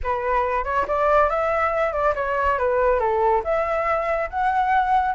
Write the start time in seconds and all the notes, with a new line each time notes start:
0.03 B4
0.64 C#5
0.87 D5
1.29 E5
1.92 D5
2.15 C#5
2.58 B4
2.99 A4
3.44 E5
4.30 F#5